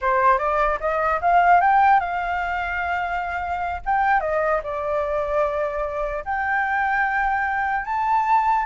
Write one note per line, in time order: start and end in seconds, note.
0.01 0.38 C5
0.38 0.78 D5
0.80 1.20 D#5
1.21 1.61 F5
1.61 2.00 G5
2.00 3.81 F5
3.85 4.20 G5
4.20 4.60 D#5
4.63 6.24 D5
6.24 7.85 G5
7.85 8.65 A5